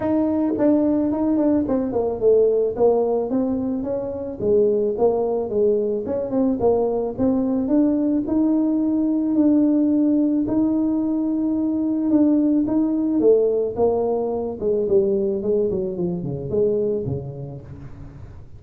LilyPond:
\new Staff \with { instrumentName = "tuba" } { \time 4/4 \tempo 4 = 109 dis'4 d'4 dis'8 d'8 c'8 ais8 | a4 ais4 c'4 cis'4 | gis4 ais4 gis4 cis'8 c'8 | ais4 c'4 d'4 dis'4~ |
dis'4 d'2 dis'4~ | dis'2 d'4 dis'4 | a4 ais4. gis8 g4 | gis8 fis8 f8 cis8 gis4 cis4 | }